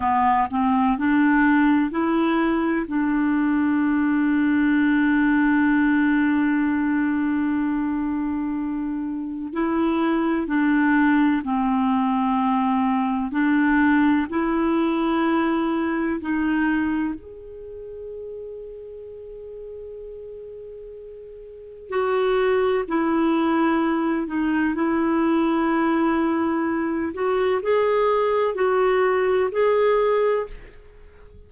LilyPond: \new Staff \with { instrumentName = "clarinet" } { \time 4/4 \tempo 4 = 63 b8 c'8 d'4 e'4 d'4~ | d'1~ | d'2 e'4 d'4 | c'2 d'4 e'4~ |
e'4 dis'4 gis'2~ | gis'2. fis'4 | e'4. dis'8 e'2~ | e'8 fis'8 gis'4 fis'4 gis'4 | }